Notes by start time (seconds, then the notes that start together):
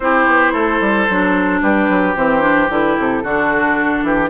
0.00 C4 E4 G4 C5
0.26 B3
0.52 A3 A4
0.80 G3
1.09 F#3 D4
1.62 G3 G4 B4
1.89 F#3
2.15 E3 C4 C5
2.40 D4
2.69 D3 E4 B4
2.98 C3 A4
3.23 D3 D4 F#4
4.02 E3 G4